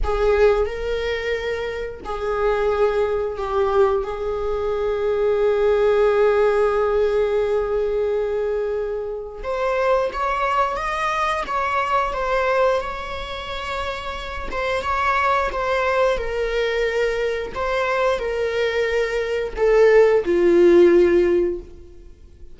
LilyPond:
\new Staff \with { instrumentName = "viola" } { \time 4/4 \tempo 4 = 89 gis'4 ais'2 gis'4~ | gis'4 g'4 gis'2~ | gis'1~ | gis'2 c''4 cis''4 |
dis''4 cis''4 c''4 cis''4~ | cis''4. c''8 cis''4 c''4 | ais'2 c''4 ais'4~ | ais'4 a'4 f'2 | }